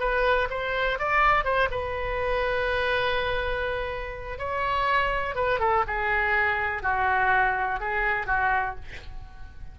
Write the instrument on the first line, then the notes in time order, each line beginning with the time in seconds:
oboe
0.00 B4
0.50 C5
0.99 D5
1.45 C5
1.71 B4
4.39 C#5
5.36 B4
5.60 A4
5.88 G#4
6.83 F#4
7.80 G#4
8.27 F#4